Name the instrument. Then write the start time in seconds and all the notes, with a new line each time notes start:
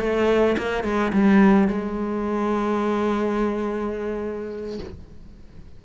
cello
0.00 A3
0.58 A#3
0.84 G#3
1.13 G3
1.68 G#3